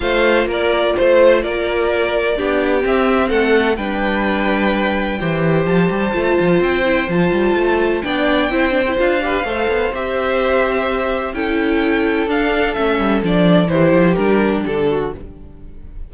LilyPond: <<
  \new Staff \with { instrumentName = "violin" } { \time 4/4 \tempo 4 = 127 f''4 d''4 c''4 d''4~ | d''2 e''4 fis''4 | g''1 | a''2 g''4 a''4~ |
a''4 g''2 f''4~ | f''4 e''2. | g''2 f''4 e''4 | d''4 c''4 ais'4 a'4 | }
  \new Staff \with { instrumentName = "violin" } { \time 4/4 c''4 ais'4 c''4 ais'4~ | ais'4 g'2 a'4 | b'2. c''4~ | c''1~ |
c''4 d''4 c''4. b'8 | c''1 | a'1~ | a'4 g'2~ g'8 fis'8 | }
  \new Staff \with { instrumentName = "viola" } { \time 4/4 f'1~ | f'4 d'4 c'2 | d'2. g'4~ | g'4 f'4. e'8 f'4~ |
f'4 d'4 e'8 d'16 e'16 f'8 g'8 | a'4 g'2. | e'2 d'4 cis'4 | d'4 e'4 d'2 | }
  \new Staff \with { instrumentName = "cello" } { \time 4/4 a4 ais4 a4 ais4~ | ais4 b4 c'4 a4 | g2. e4 | f8 g8 a8 f8 c'4 f8 g8 |
a4 b4 c'4 d'4 | a8 b8 c'2. | cis'2 d'4 a8 g8 | f4 e8 f8 g4 d4 | }
>>